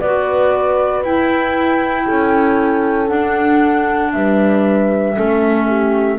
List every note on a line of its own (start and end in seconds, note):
0.00 1.04 B3
0.00 1.06 F#4
0.00 2.05 B4
0.00 1.03 D5
1.04 2.08 E4
1.04 3.08 E4
1.04 3.08 G5
2.05 3.11 C#4
2.05 4.11 A4
3.08 5.14 D4
3.08 4.14 D4
3.08 4.12 F#5
4.12 5.18 G3
4.12 5.16 B4
4.12 6.19 E5
5.16 6.19 A3
5.16 6.19 C#4
5.16 5.67 A4
5.67 6.19 G4